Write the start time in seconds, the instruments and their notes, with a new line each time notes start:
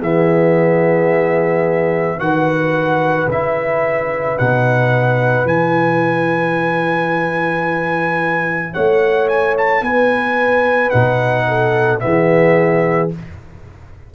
0.00 tuba E3, trombone B3, horn G#4, trumpet E5
2.18 tuba D#3, trombone F#4, horn B4, trumpet F#5
3.28 tuba C#3, trombone E4, trumpet E5
4.38 tuba B2, trombone D#4, trumpet F#5
5.45 tuba E3, trombone E4, trumpet G#5
8.74 tuba A3, horn C#5, trumpet F#5
9.29 trumpet G#5
9.58 trumpet A5
9.82 tuba B3, horn B4, trumpet G#5
10.91 tuba B2, trombone D#4, trumpet F#5
11.48 horn A4
12.00 tuba E3, trombone B3, horn G#4, trumpet E5